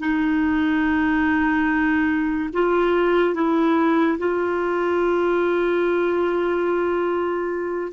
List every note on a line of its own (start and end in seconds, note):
0.00 2.50 D#4
2.53 3.35 F4
3.35 4.18 E4
4.19 7.93 F4